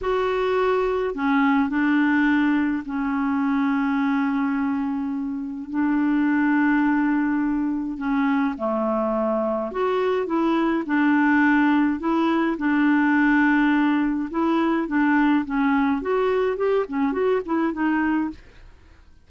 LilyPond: \new Staff \with { instrumentName = "clarinet" } { \time 4/4 \tempo 4 = 105 fis'2 cis'4 d'4~ | d'4 cis'2.~ | cis'2 d'2~ | d'2 cis'4 a4~ |
a4 fis'4 e'4 d'4~ | d'4 e'4 d'2~ | d'4 e'4 d'4 cis'4 | fis'4 g'8 cis'8 fis'8 e'8 dis'4 | }